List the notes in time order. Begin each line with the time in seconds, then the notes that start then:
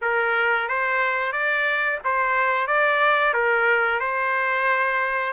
0.01 A#4
0.68 C5
1.32 D5
2.04 C5
2.67 D5
3.33 A#4
4.00 C5